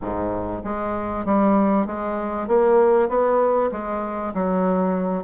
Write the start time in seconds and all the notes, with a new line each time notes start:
0.01 G#2
0.64 G#3
1.25 G3
1.86 G#3
2.47 A#3
3.08 B3
3.71 G#3
4.34 F#3